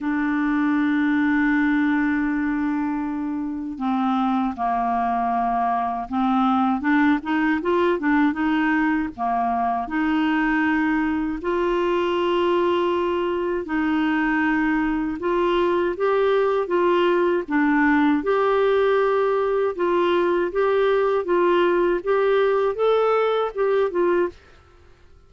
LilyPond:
\new Staff \with { instrumentName = "clarinet" } { \time 4/4 \tempo 4 = 79 d'1~ | d'4 c'4 ais2 | c'4 d'8 dis'8 f'8 d'8 dis'4 | ais4 dis'2 f'4~ |
f'2 dis'2 | f'4 g'4 f'4 d'4 | g'2 f'4 g'4 | f'4 g'4 a'4 g'8 f'8 | }